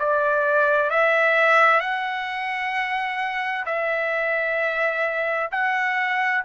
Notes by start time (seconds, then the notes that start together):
0.00 D5
0.91 E5
1.80 F#5
3.66 E5
5.52 F#5